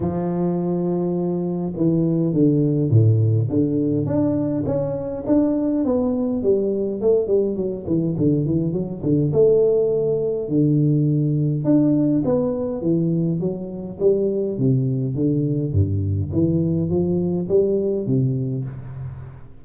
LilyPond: \new Staff \with { instrumentName = "tuba" } { \time 4/4 \tempo 4 = 103 f2. e4 | d4 a,4 d4 d'4 | cis'4 d'4 b4 g4 | a8 g8 fis8 e8 d8 e8 fis8 d8 |
a2 d2 | d'4 b4 e4 fis4 | g4 c4 d4 g,4 | e4 f4 g4 c4 | }